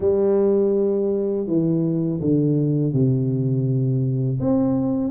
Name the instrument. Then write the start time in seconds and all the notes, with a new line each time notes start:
tuba
0.00 G3
1.46 E3
2.21 D3
2.93 C3
4.40 C4